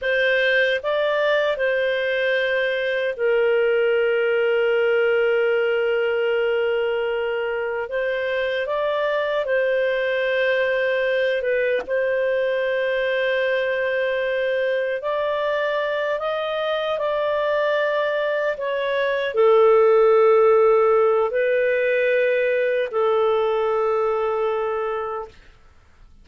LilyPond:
\new Staff \with { instrumentName = "clarinet" } { \time 4/4 \tempo 4 = 76 c''4 d''4 c''2 | ais'1~ | ais'2 c''4 d''4 | c''2~ c''8 b'8 c''4~ |
c''2. d''4~ | d''8 dis''4 d''2 cis''8~ | cis''8 a'2~ a'8 b'4~ | b'4 a'2. | }